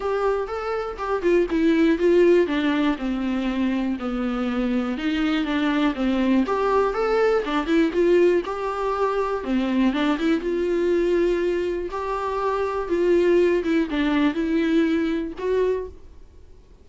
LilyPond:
\new Staff \with { instrumentName = "viola" } { \time 4/4 \tempo 4 = 121 g'4 a'4 g'8 f'8 e'4 | f'4 d'4 c'2 | b2 dis'4 d'4 | c'4 g'4 a'4 d'8 e'8 |
f'4 g'2 c'4 | d'8 e'8 f'2. | g'2 f'4. e'8 | d'4 e'2 fis'4 | }